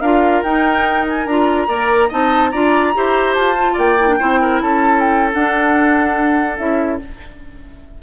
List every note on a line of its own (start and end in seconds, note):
0.00 0.42 D4
0.00 0.45 F4
0.00 1.67 A#4
0.00 0.42 F5
0.43 1.26 D#4
0.43 1.28 D#4
0.43 1.05 G5
1.09 1.26 G#5
1.26 1.67 D4
1.26 1.67 F4
1.26 2.10 A#5
1.67 2.09 A#3
1.67 2.09 A#4
1.67 2.08 D5
2.08 2.53 C4
2.08 2.52 D#4
2.08 2.50 D#5
2.08 2.50 A5
2.50 2.95 D4
2.50 2.94 F4
2.50 2.93 D5
2.50 3.33 A#5
2.94 3.37 E4
2.94 3.56 G4
2.94 3.73 C5
3.34 3.78 F4
3.34 3.76 A5
3.57 3.98 F4
3.73 4.19 A#3
3.73 4.15 D5
3.73 4.61 G5
3.99 4.07 E4
4.07 4.18 D4
4.19 4.61 C4
4.19 5.32 E4
4.19 4.40 C5
4.41 4.62 A#4
4.61 5.34 C#4
4.61 7.02 A4
4.61 4.99 A5
4.99 5.30 G5
5.32 6.57 D4
5.32 6.59 D4
5.32 6.57 F#5
6.57 7.00 C#4
6.57 6.99 E4
6.57 6.99 E5